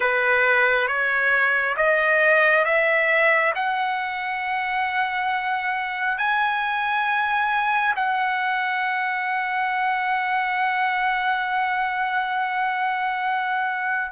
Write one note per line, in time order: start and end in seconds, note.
0.00 0.87 B4
0.87 1.75 C#5
1.76 2.65 D#5
2.65 3.53 E5
3.55 6.18 F#5
6.18 7.94 G#5
7.95 14.11 F#5